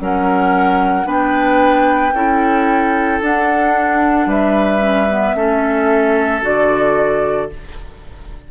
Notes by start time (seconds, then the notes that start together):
0.00 F#3 C#4 A#4 F#5
1.05 B3 D4 B4 G5
2.13 C#4 E4 A4
3.22 D4 F#5
4.27 G3 B4 E5
4.81 C#4
5.10 B3
5.35 A3 C#4 A4
6.42 D3 F#4 D5